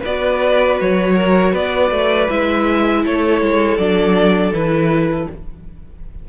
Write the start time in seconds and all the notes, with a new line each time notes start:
0.00 B3 F#4 B4 D5
0.80 F#3 C#5
1.15 A#4
1.52 B3 B4 D5
1.90 A3
2.29 G#3 E4 E5
3.04 A3 A4 C#5
3.41 G#3
3.77 F#3 D4 D5
4.51 E3 E4 B4